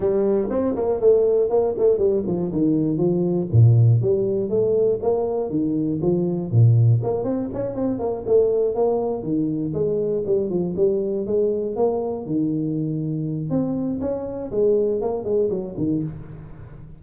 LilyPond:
\new Staff \with { instrumentName = "tuba" } { \time 4/4 \tempo 4 = 120 g4 c'8 ais8 a4 ais8 a8 | g8 f8 dis4 f4 ais,4 | g4 a4 ais4 dis4 | f4 ais,4 ais8 c'8 cis'8 c'8 |
ais8 a4 ais4 dis4 gis8~ | gis8 g8 f8 g4 gis4 ais8~ | ais8 dis2~ dis8 c'4 | cis'4 gis4 ais8 gis8 fis8 dis8 | }